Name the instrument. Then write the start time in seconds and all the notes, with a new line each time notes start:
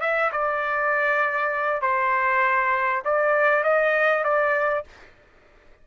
trumpet
0.00 E5
0.32 D5
1.81 C5
3.05 D5
3.63 D#5
4.23 D5